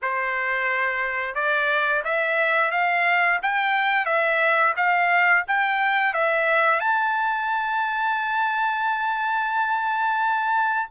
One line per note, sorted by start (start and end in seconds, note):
0.02 1.35 C5
1.35 2.03 D5
2.04 2.71 E5
2.71 3.39 F5
3.42 4.05 G5
4.05 4.74 E5
4.76 5.44 F5
5.47 6.13 G5
6.13 6.79 E5
6.79 10.88 A5